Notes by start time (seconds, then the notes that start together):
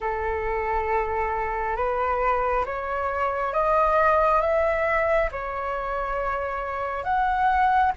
0.00 A4
1.76 B4
2.65 C#5
3.53 D#5
4.41 E5
5.31 C#5
7.03 F#5